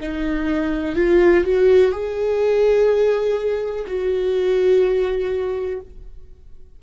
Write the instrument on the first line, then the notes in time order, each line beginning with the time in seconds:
viola
0.00 D#4
0.95 F4
1.44 F#4
1.91 G#4
3.87 F#4